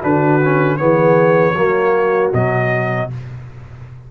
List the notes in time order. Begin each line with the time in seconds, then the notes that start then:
0.00 D3 D4 F#4 B4
0.43 C#4
0.76 E3 B3 G#4 C#5
1.54 F#3 A#3 F#4
2.33 B2 F#3 D#5